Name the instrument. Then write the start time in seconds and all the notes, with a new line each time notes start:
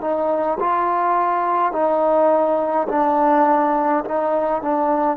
trombone
0.00 D#4
0.59 F4
1.72 D#4
2.88 D4
4.04 D#4
4.62 D4